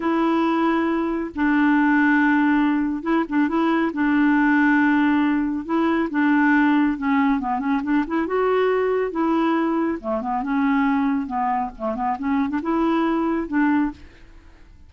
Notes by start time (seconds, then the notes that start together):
0.00 E4
1.35 D4
3.02 E4
3.28 D4
3.48 E4
3.93 D4
5.65 E4
6.10 D4
6.97 C#4
7.39 B3
7.59 C#4
7.83 D4
8.07 E4
8.26 F#4
9.11 E4
10.00 A3
10.21 B3
10.42 C#4
11.26 B3
11.77 A3
11.95 B3
12.18 C#4
12.49 D4
12.62 E4
13.47 D4